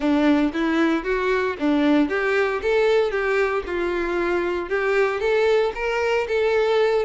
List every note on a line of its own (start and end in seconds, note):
0.00 0.52 D4
0.53 1.04 E4
1.04 1.56 F#4
1.59 2.09 D4
2.09 2.61 G4
2.62 3.11 A4
3.11 3.63 G4
3.66 4.69 F4
4.69 5.20 G4
5.20 5.72 A4
5.75 6.27 A#4
6.28 7.05 A4